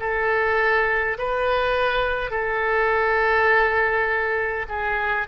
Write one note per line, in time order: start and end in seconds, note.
0.00 1.18 A4
1.18 2.31 B4
2.31 4.66 A4
4.68 5.27 G#4